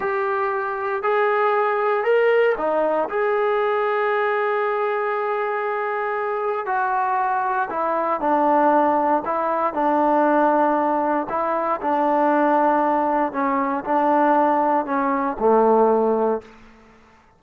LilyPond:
\new Staff \with { instrumentName = "trombone" } { \time 4/4 \tempo 4 = 117 g'2 gis'2 | ais'4 dis'4 gis'2~ | gis'1~ | gis'4 fis'2 e'4 |
d'2 e'4 d'4~ | d'2 e'4 d'4~ | d'2 cis'4 d'4~ | d'4 cis'4 a2 | }